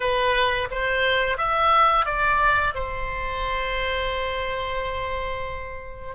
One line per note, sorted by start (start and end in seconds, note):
0.00 0.68 B4
0.71 1.37 C5
1.37 2.05 E5
2.05 2.73 D5
2.74 6.15 C5